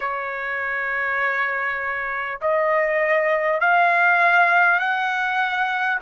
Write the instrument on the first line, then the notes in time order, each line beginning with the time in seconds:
trumpet
0.00 C#5
2.41 D#5
3.60 F5
4.79 F#5